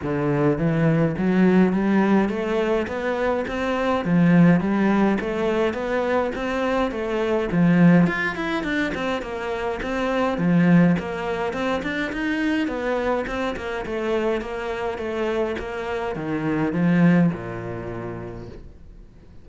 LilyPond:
\new Staff \with { instrumentName = "cello" } { \time 4/4 \tempo 4 = 104 d4 e4 fis4 g4 | a4 b4 c'4 f4 | g4 a4 b4 c'4 | a4 f4 f'8 e'8 d'8 c'8 |
ais4 c'4 f4 ais4 | c'8 d'8 dis'4 b4 c'8 ais8 | a4 ais4 a4 ais4 | dis4 f4 ais,2 | }